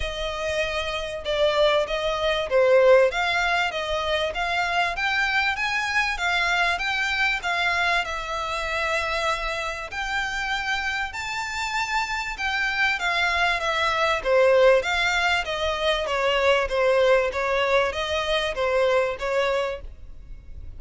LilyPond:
\new Staff \with { instrumentName = "violin" } { \time 4/4 \tempo 4 = 97 dis''2 d''4 dis''4 | c''4 f''4 dis''4 f''4 | g''4 gis''4 f''4 g''4 | f''4 e''2. |
g''2 a''2 | g''4 f''4 e''4 c''4 | f''4 dis''4 cis''4 c''4 | cis''4 dis''4 c''4 cis''4 | }